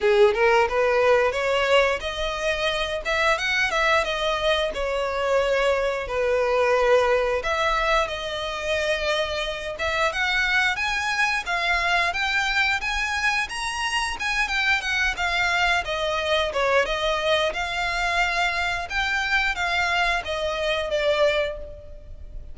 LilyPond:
\new Staff \with { instrumentName = "violin" } { \time 4/4 \tempo 4 = 89 gis'8 ais'8 b'4 cis''4 dis''4~ | dis''8 e''8 fis''8 e''8 dis''4 cis''4~ | cis''4 b'2 e''4 | dis''2~ dis''8 e''8 fis''4 |
gis''4 f''4 g''4 gis''4 | ais''4 gis''8 g''8 fis''8 f''4 dis''8~ | dis''8 cis''8 dis''4 f''2 | g''4 f''4 dis''4 d''4 | }